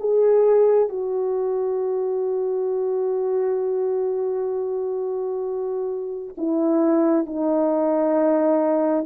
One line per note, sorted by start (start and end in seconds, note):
0.00 0.89 G#4
0.89 6.35 F#4
6.38 7.26 E4
7.26 9.06 D#4